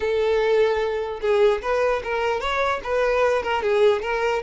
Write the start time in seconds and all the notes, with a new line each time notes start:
0.00 A4
1.21 G#4
1.62 B4
2.03 A#4
2.40 C#5
2.83 B4
3.42 A#4
3.62 G#4
4.02 A#4